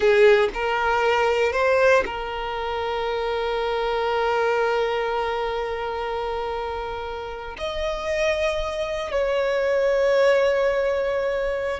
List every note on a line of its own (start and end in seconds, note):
0.00 0.49 G#4
0.54 1.52 A#4
1.52 2.03 C5
2.05 7.56 A#4
7.58 9.11 D#5
9.11 11.79 C#5